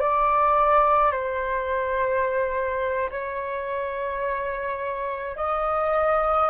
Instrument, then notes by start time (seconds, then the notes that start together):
flute
0.00 D5
1.12 C5
3.11 C#5
5.36 D#5